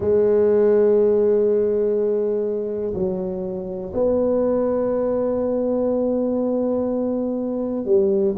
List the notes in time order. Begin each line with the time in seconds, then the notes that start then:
0.00 G#3
2.93 F#3
3.93 B3
7.85 G3